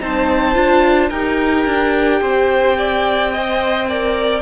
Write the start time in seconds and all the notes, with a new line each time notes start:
0.00 C4 D#4 C5 A5
0.54 D4 F4
1.09 D#4 G4 A#4 G5
1.66 D4
2.21 C4 C5
2.77 D5
3.32 C5 D#5
3.89 A#4 D5